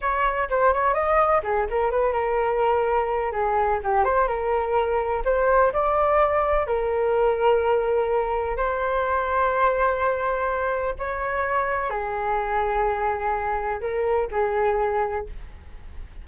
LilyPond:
\new Staff \with { instrumentName = "flute" } { \time 4/4 \tempo 4 = 126 cis''4 c''8 cis''8 dis''4 gis'8 ais'8 | b'8 ais'2~ ais'8 gis'4 | g'8 c''8 ais'2 c''4 | d''2 ais'2~ |
ais'2 c''2~ | c''2. cis''4~ | cis''4 gis'2.~ | gis'4 ais'4 gis'2 | }